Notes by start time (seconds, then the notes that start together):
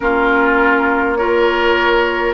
0.00 A#3 C#4 F4 A#4
1.16 F4 A#4 C#5